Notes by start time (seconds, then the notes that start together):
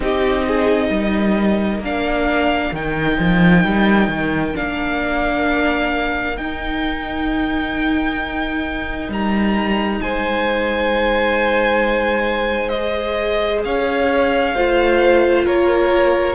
0.00 C4 D#4 G4 D#5
0.46 G#4
0.89 G3 A#4
1.79 A#3 D4 F5
2.72 D#3 D#4 G5
3.19 F3
3.64 G3
4.08 D#3
4.53 A#3 D4 F5
6.37 D#4 G5
9.09 G3 A#5
10.01 G#3 C5 G#5
12.68 G#4 D#5
13.64 C#4 C#5 F5
14.54 A3 F4 C5
15.45 A#3 A#4 C#5